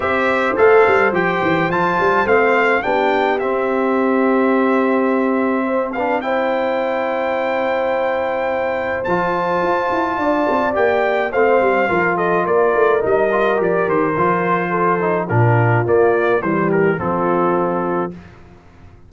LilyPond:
<<
  \new Staff \with { instrumentName = "trumpet" } { \time 4/4 \tempo 4 = 106 e''4 f''4 g''4 a''4 | f''4 g''4 e''2~ | e''2~ e''8 f''8 g''4~ | g''1 |
a''2. g''4 | f''4. dis''8 d''4 dis''4 | d''8 c''2~ c''8 ais'4 | d''4 c''8 ais'8 a'2 | }
  \new Staff \with { instrumentName = "horn" } { \time 4/4 c''1~ | c''4 g'2.~ | g'2 c''8 b'8 c''4~ | c''1~ |
c''2 d''2 | c''4 ais'8 a'8 ais'2~ | ais'2 a'4 f'4~ | f'4 g'4 f'2 | }
  \new Staff \with { instrumentName = "trombone" } { \time 4/4 g'4 a'4 g'4 f'4 | c'4 d'4 c'2~ | c'2~ c'8 d'8 e'4~ | e'1 |
f'2. g'4 | c'4 f'2 dis'8 f'8 | g'4 f'4. dis'8 d'4 | ais4 g4 c'2 | }
  \new Staff \with { instrumentName = "tuba" } { \time 4/4 c'4 a8 g8 f8 e8 f8 g8 | a4 b4 c'2~ | c'1~ | c'1 |
f4 f'8 e'8 d'8 c'8 ais4 | a8 g8 f4 ais8 a8 g4 | f8 dis8 f2 ais,4 | ais4 e4 f2 | }
>>